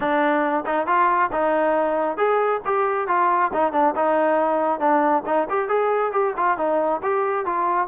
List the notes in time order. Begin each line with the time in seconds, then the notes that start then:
0.00 D4
0.65 D#4
0.86 F4
1.32 D#4
2.17 G#4
2.65 G4
3.07 F4
3.53 D#4
3.72 D4
3.95 D#4
4.79 D4
5.26 D#4
5.49 G4
5.68 G#4
6.12 G4
6.36 F4
6.57 D#4
7.02 G4
7.45 F4